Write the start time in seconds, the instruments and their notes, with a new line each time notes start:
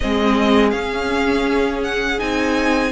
0.00 cello G#3, viola C4, violin G#4 D#5
0.70 viola C#4, cello C#4, violin F5
1.83 violin F#5
2.18 cello C4, viola D#4, violin G#5